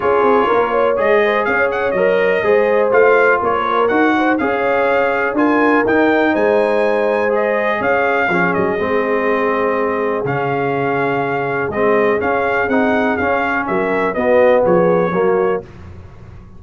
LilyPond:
<<
  \new Staff \with { instrumentName = "trumpet" } { \time 4/4 \tempo 4 = 123 cis''2 dis''4 f''8 fis''8 | dis''2 f''4 cis''4 | fis''4 f''2 gis''4 | g''4 gis''2 dis''4 |
f''4. dis''2~ dis''8~ | dis''4 f''2. | dis''4 f''4 fis''4 f''4 | e''4 dis''4 cis''2 | }
  \new Staff \with { instrumentName = "horn" } { \time 4/4 gis'4 ais'8 cis''4 c''8 cis''4~ | cis''4 c''2 ais'4~ | ais'8 c''8 cis''2 ais'4~ | ais'4 c''2. |
cis''4 gis'2.~ | gis'1~ | gis'1 | ais'4 fis'4 gis'4 fis'4 | }
  \new Staff \with { instrumentName = "trombone" } { \time 4/4 f'2 gis'2 | ais'4 gis'4 f'2 | fis'4 gis'2 f'4 | dis'2. gis'4~ |
gis'4 cis'4 c'2~ | c'4 cis'2. | c'4 cis'4 dis'4 cis'4~ | cis'4 b2 ais4 | }
  \new Staff \with { instrumentName = "tuba" } { \time 4/4 cis'8 c'8 ais4 gis4 cis'4 | fis4 gis4 a4 ais4 | dis'4 cis'2 d'4 | dis'4 gis2. |
cis'4 f8 fis8 gis2~ | gis4 cis2. | gis4 cis'4 c'4 cis'4 | fis4 b4 f4 fis4 | }
>>